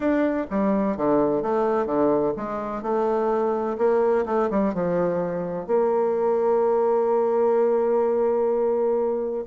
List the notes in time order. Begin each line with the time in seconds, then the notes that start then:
0.00 D4
0.50 G3
0.96 D3
1.42 A3
1.86 D3
2.36 G#3
2.82 A3
3.78 A#3
4.25 A3
4.50 G3
4.74 F3
5.66 A#3